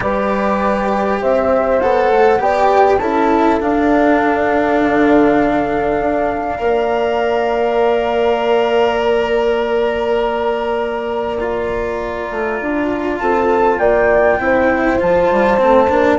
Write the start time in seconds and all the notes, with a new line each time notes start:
0.00 G3 G4 B4 D5
1.21 C4 C5 E5
1.80 B3 A4 F#5
2.10 A3
2.38 B3 G4 D5 G5
2.98 C#4 E4 A4 A5
3.60 D4 F5
4.80 D3
6.00 D4
6.58 A#3 A#4 D5
9.00 A#5
11.40 F4
12.30 A3
12.61 D4
13.19 C4 A4 A5
13.78 A#3 D5 G5
14.38 C4 E4 C5
14.99 F3 F4 A5
15.31 G3
15.57 A3 C4
15.89 A#3 D4